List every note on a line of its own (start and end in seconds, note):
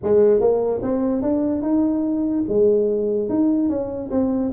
0.03 0.40 G#3
0.40 0.81 A#3
0.82 1.21 C4
1.21 1.62 D4
1.62 2.44 D#4
2.48 3.29 G#3
3.29 3.69 D#4
3.69 4.10 C#4
4.11 4.52 C4